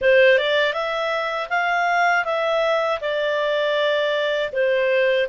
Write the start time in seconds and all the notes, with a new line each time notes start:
0.01 C5
0.38 D5
0.73 E5
1.49 F5
2.24 E5
3.00 D5
4.52 C5